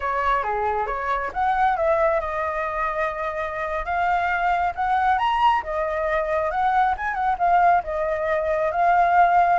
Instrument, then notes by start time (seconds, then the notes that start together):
flute
0.00 C#5
0.43 G#4
0.87 C#5
1.33 F#5
1.76 E5
2.20 D#5
3.85 F5
4.75 F#5
5.18 A#5
5.63 D#5
6.51 F#5
6.97 G#5
7.14 F#5
7.38 F5
7.83 D#5
8.71 F5